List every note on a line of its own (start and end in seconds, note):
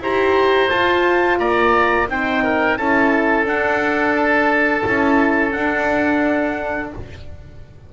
0.00 0.69 E4
0.00 0.70 G4
0.00 1.39 C5
0.00 0.70 A#5
0.70 2.08 F4
0.70 1.39 F4
0.70 1.39 A5
1.39 2.08 A#3
1.39 2.08 D5
1.39 2.08 A#5
2.08 2.77 C4
2.08 2.78 D#4
2.08 2.44 C5
2.08 2.78 G5
2.44 2.78 A#4
2.78 3.46 C#4
2.78 3.45 E4
2.78 6.93 A4
2.78 3.47 A5
3.45 4.83 D4
3.45 4.16 F#5
4.16 5.52 A5
4.83 5.55 C#4
4.83 5.52 E4
5.52 6.90 D4
5.52 6.93 D4
5.52 6.90 F#5